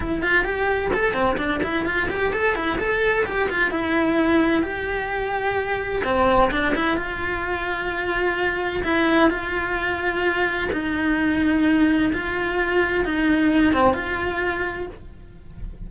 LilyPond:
\new Staff \with { instrumentName = "cello" } { \time 4/4 \tempo 4 = 129 e'8 f'8 g'4 a'8 c'8 d'8 e'8 | f'8 g'8 a'8 e'8 a'4 g'8 f'8 | e'2 g'2~ | g'4 c'4 d'8 e'8 f'4~ |
f'2. e'4 | f'2. dis'4~ | dis'2 f'2 | dis'4. c'8 f'2 | }